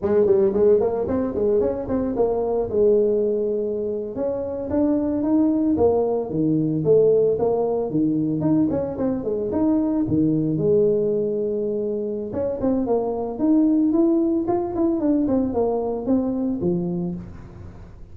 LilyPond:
\new Staff \with { instrumentName = "tuba" } { \time 4/4 \tempo 4 = 112 gis8 g8 gis8 ais8 c'8 gis8 cis'8 c'8 | ais4 gis2~ gis8. cis'16~ | cis'8. d'4 dis'4 ais4 dis16~ | dis8. a4 ais4 dis4 dis'16~ |
dis'16 cis'8 c'8 gis8 dis'4 dis4 gis16~ | gis2. cis'8 c'8 | ais4 dis'4 e'4 f'8 e'8 | d'8 c'8 ais4 c'4 f4 | }